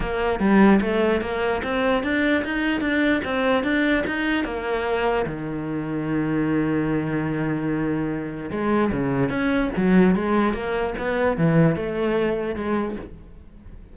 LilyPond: \new Staff \with { instrumentName = "cello" } { \time 4/4 \tempo 4 = 148 ais4 g4 a4 ais4 | c'4 d'4 dis'4 d'4 | c'4 d'4 dis'4 ais4~ | ais4 dis2.~ |
dis1~ | dis4 gis4 cis4 cis'4 | fis4 gis4 ais4 b4 | e4 a2 gis4 | }